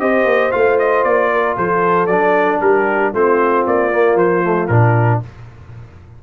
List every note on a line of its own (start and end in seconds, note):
0.00 0.25 C4
0.00 0.51 G4
0.00 1.31 C5
0.00 0.52 D#5
0.25 0.51 A#3
0.51 1.05 A3
0.51 2.08 F4
0.51 0.78 F5
0.79 1.04 D#5
1.04 1.57 A#3
1.04 1.56 D5
1.33 1.57 A#4
1.57 2.08 F3
1.57 2.61 A4
1.57 2.07 C5
2.07 2.60 F#3
2.07 3.14 D4
2.07 2.59 D5
2.61 3.13 G3
2.61 3.13 G4
2.61 3.13 A#4
3.13 3.66 A3
3.13 3.92 C4
3.13 5.22 F4
3.13 3.67 C5
3.67 4.15 A#3
3.67 4.18 D5
3.92 4.44 A#3
4.15 4.68 F3
4.15 4.68 C5
4.44 4.70 A3
4.68 5.21 A#2
4.68 5.23 D4
4.68 5.20 A#4